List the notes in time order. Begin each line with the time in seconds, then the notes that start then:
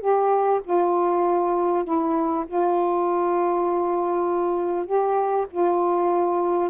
0.00 G4
0.64 F4
1.84 E4
2.47 F4
4.86 G4
5.51 F4